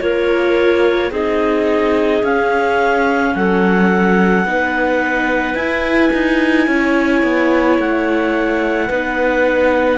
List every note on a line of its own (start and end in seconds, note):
0.00 1.11 A#3
0.00 1.12 F4
0.00 1.11 A#4
0.00 1.11 C#5
1.11 2.22 C4
1.11 2.23 D#4
1.11 3.33 G#4
1.11 2.24 D#5
2.23 3.34 C#4
2.23 4.46 C#4
2.23 3.35 F5
3.35 4.45 F#3
3.35 4.47 A4
3.35 5.55 F#5
4.45 5.55 B3
4.45 5.57 D#4
4.45 6.68 B4
5.55 6.10 E4
5.55 8.91 E4
5.55 7.77 G#5
6.13 6.68 D#4
6.68 7.23 C#4
6.68 8.87 C#5
7.23 7.78 B3
7.78 8.90 A3
7.78 9.98 F#5
8.87 9.98 B3
8.87 9.98 D#4
8.87 9.98 B4